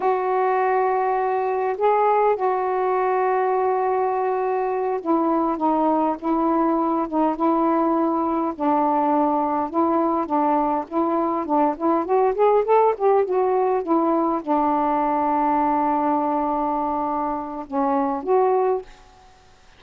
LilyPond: \new Staff \with { instrumentName = "saxophone" } { \time 4/4 \tempo 4 = 102 fis'2. gis'4 | fis'1~ | fis'8 e'4 dis'4 e'4. | dis'8 e'2 d'4.~ |
d'8 e'4 d'4 e'4 d'8 | e'8 fis'8 gis'8 a'8 g'8 fis'4 e'8~ | e'8 d'2.~ d'8~ | d'2 cis'4 fis'4 | }